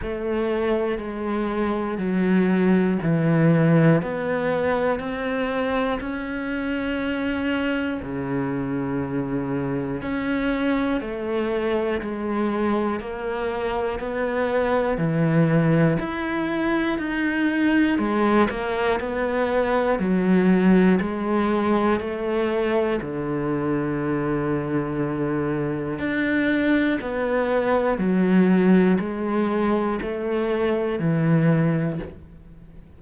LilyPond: \new Staff \with { instrumentName = "cello" } { \time 4/4 \tempo 4 = 60 a4 gis4 fis4 e4 | b4 c'4 cis'2 | cis2 cis'4 a4 | gis4 ais4 b4 e4 |
e'4 dis'4 gis8 ais8 b4 | fis4 gis4 a4 d4~ | d2 d'4 b4 | fis4 gis4 a4 e4 | }